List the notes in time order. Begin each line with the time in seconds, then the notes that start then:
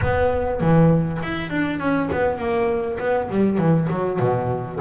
0.01 B3
0.61 E3
1.22 E4
1.49 D4
1.79 C#4
2.12 B3
2.38 A#3
2.99 B3
3.29 G3
3.58 E3
3.90 F#3
4.19 B2